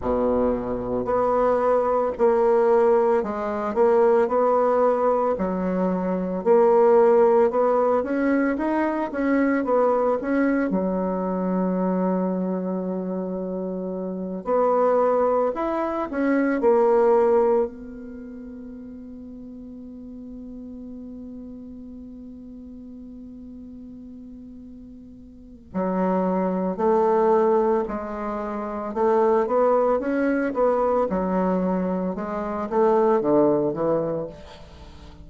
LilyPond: \new Staff \with { instrumentName = "bassoon" } { \time 4/4 \tempo 4 = 56 b,4 b4 ais4 gis8 ais8 | b4 fis4 ais4 b8 cis'8 | dis'8 cis'8 b8 cis'8 fis2~ | fis4. b4 e'8 cis'8 ais8~ |
ais8 b2.~ b8~ | b1 | fis4 a4 gis4 a8 b8 | cis'8 b8 fis4 gis8 a8 d8 e8 | }